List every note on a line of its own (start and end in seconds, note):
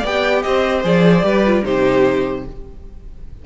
0.00 0.45 B3
0.00 0.83 G4
0.00 0.40 D5
0.00 0.42 G5
0.42 0.84 C4
0.42 1.25 C5
0.42 0.83 D#5
0.83 1.23 F3
0.83 1.23 G#4
0.83 1.65 D5
1.23 1.64 G3
1.23 1.43 G4
1.23 1.65 B4
1.46 1.64 F4
1.64 2.46 C3
1.64 2.45 D#4
1.64 2.45 G4
1.64 2.46 C5